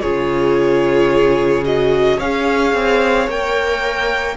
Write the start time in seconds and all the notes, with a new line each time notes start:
0.00 C#3 F4 G#4 C#5
1.64 F#4 D#5
2.17 C#4 G#4 C#5 F5
2.73 C4
3.28 A#3 A#4 G5